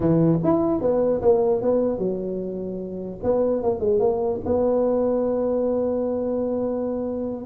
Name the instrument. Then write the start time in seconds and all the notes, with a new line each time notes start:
tuba
0.00 E3
0.43 E4
0.81 B3
1.21 A#3
1.61 B3
1.98 F#3
3.23 B3
3.62 A#3
3.80 G#3
3.99 A#3
4.45 B3